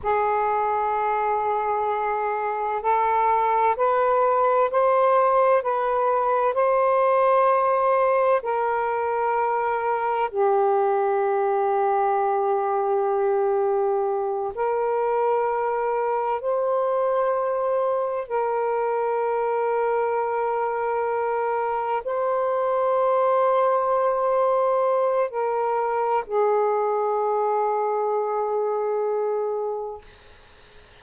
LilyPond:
\new Staff \with { instrumentName = "saxophone" } { \time 4/4 \tempo 4 = 64 gis'2. a'4 | b'4 c''4 b'4 c''4~ | c''4 ais'2 g'4~ | g'2.~ g'8 ais'8~ |
ais'4. c''2 ais'8~ | ais'2.~ ais'8 c''8~ | c''2. ais'4 | gis'1 | }